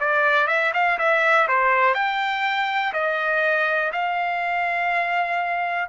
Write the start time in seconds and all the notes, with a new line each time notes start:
0.00 D5
0.47 E5
0.74 F5
0.98 E5
1.48 C5
1.94 G5
2.93 D#5
3.93 F5